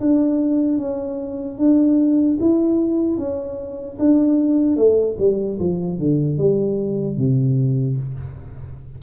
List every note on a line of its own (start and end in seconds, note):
0.00 0.78 D4
0.78 1.58 C#4
1.58 2.38 D4
2.40 3.17 E4
3.17 3.97 C#4
3.99 4.77 D4
4.77 5.17 A3
5.19 5.59 G3
5.59 5.99 F3
5.99 6.38 D3
6.38 7.17 G3
7.17 7.97 C3